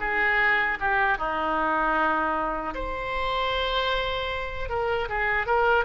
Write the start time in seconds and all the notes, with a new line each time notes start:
0.00 G#4
0.80 G4
1.18 D#4
2.74 C5
4.69 A#4
5.09 G#4
5.47 A#4